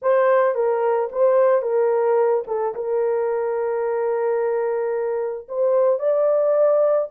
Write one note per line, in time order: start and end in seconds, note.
0.02 0.55 C5
0.55 1.09 A#4
1.12 1.62 C5
1.62 2.43 A#4
2.47 2.74 A4
2.74 5.47 A#4
5.48 5.99 C5
5.99 7.08 D5